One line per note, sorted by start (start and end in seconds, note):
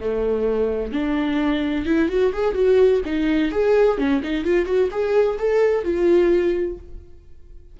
0.00 0.92 A3
0.92 1.86 D4
1.86 2.09 E4
2.09 2.32 F#4
2.33 2.54 G#4
2.54 3.01 F#4
3.05 3.52 D#4
3.52 3.98 G#4
3.98 4.21 C#4
4.23 4.44 D#4
4.44 4.66 F4
4.66 4.89 F#4
4.91 5.38 G#4
5.38 5.84 A4
5.84 6.78 F4